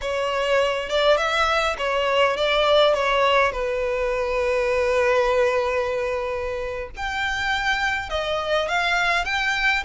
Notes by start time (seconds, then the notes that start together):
0.01 C#5
0.89 D5
1.17 E5
1.78 C#5
2.36 D5
2.94 C#5
3.51 B4
6.96 G5
8.09 D#5
8.68 F5
9.24 G5